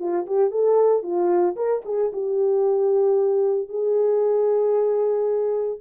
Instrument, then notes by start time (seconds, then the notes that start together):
horn
0.00 F4
0.27 G4
0.51 A4
1.03 F4
1.56 A#4
1.86 G#4
2.13 G4
3.69 G#4